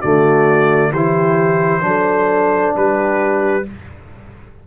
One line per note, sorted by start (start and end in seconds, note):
0.00 0.92 D3
0.00 0.93 A3
0.00 0.91 F#4
0.00 0.92 D5
0.92 1.83 E3
0.92 1.81 E4
0.92 1.83 G4
0.92 2.75 C5
1.81 2.74 F#3
1.81 3.63 D4
1.81 2.76 A4
2.76 3.67 G3
2.76 3.67 G4
2.76 3.67 B4